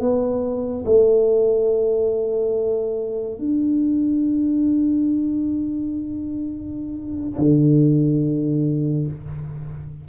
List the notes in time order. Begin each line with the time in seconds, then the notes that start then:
0.00 B3
0.85 A3
3.38 D4
7.39 D3